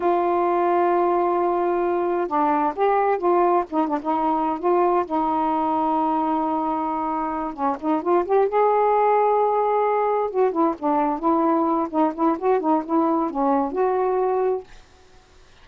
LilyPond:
\new Staff \with { instrumentName = "saxophone" } { \time 4/4 \tempo 4 = 131 f'1~ | f'4 d'4 g'4 f'4 | dis'8 d'16 dis'4~ dis'16 f'4 dis'4~ | dis'1~ |
dis'8 cis'8 dis'8 f'8 g'8 gis'4.~ | gis'2~ gis'8 fis'8 e'8 d'8~ | d'8 e'4. dis'8 e'8 fis'8 dis'8 | e'4 cis'4 fis'2 | }